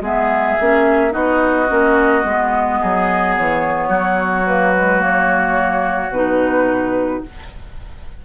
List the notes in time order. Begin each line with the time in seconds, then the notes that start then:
0.00 G#3 B3 G#4 E5
0.60 A#3 C#4
1.10 B3 D#4 F#4 D#5
1.68 A#3 C#4
2.22 G#3 B3
2.80 F#3 G#4
3.36 E3 C#5
3.88 F#3 F#4
4.46 A#3 B4
4.75 G#3
4.99 A#3 C#5
6.09 B2 D#4 B4